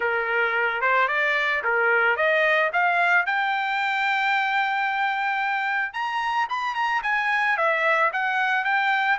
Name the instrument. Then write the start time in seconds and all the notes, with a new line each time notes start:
trumpet
0.00 A#4
0.81 C5
1.08 D5
1.64 A#4
2.16 D#5
2.72 F5
3.26 G5
5.93 A#5
6.49 B5
6.74 A#5
7.03 G#5
7.57 E5
8.12 F#5
8.64 G5